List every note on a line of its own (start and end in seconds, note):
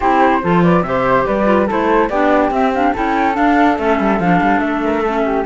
0.00 0.43 C4
0.00 0.42 E4
0.00 0.40 G4
0.00 0.62 C5
0.42 0.82 F3
0.42 0.84 F4
0.42 0.63 A4
0.62 0.84 B4
0.62 0.82 D5
0.82 1.24 C3
0.82 1.45 G4
0.82 1.26 C5
0.82 1.24 E5
1.26 1.70 G3
1.26 1.67 B4
1.26 1.68 D5
1.45 1.66 F4
1.67 2.09 A3
1.67 2.10 E4
1.67 2.09 A4
1.67 2.09 C5
2.09 2.50 B3
2.09 2.52 D4
2.09 2.93 G4
2.09 2.51 D5
2.50 2.92 C4
2.50 2.73 C4
2.50 2.73 E5
2.74 2.94 D4
2.74 2.95 F5
2.93 3.37 C#4
2.93 3.33 E4
2.93 4.82 A4
2.93 3.35 G5
3.33 3.75 D4
3.33 3.78 D4
3.33 3.77 F5
3.77 3.99 A3
3.77 4.19 C#4
3.77 4.19 E5
3.99 4.19 G3
4.19 4.40 F3
4.19 5.05 D4
4.19 4.59 F5
4.40 4.60 G3
4.59 5.44 A3
4.59 5.43 E5
4.83 5.02 A#4
5.02 5.45 C#4
5.02 5.23 A4
5.25 5.45 G4